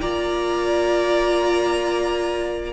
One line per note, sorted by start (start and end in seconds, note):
0.00 2.73 A#3
0.00 2.73 F4
0.00 2.73 D5
0.00 2.73 A#5